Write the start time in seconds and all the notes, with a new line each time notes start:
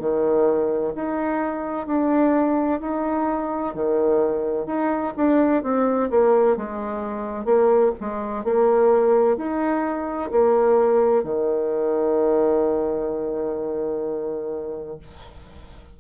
0.00 D#3
0.95 D#4
1.87 D4
2.80 D#4
3.75 D#3
4.67 D#4
5.17 D4
5.63 C4
6.10 A#3
6.57 G#3
7.45 A#3
8.00 G#3
8.44 A#3
9.37 D#4
10.31 A#3
11.23 D#3